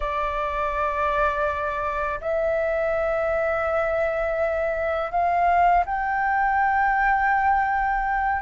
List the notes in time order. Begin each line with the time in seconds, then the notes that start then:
0.00 D5
2.21 E5
5.11 F5
5.85 G5